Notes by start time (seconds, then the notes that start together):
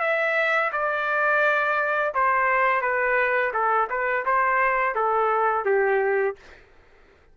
0.00 E5
0.72 D5
2.14 C5
2.81 B4
3.53 A4
3.89 B4
4.25 C5
4.95 A4
5.65 G4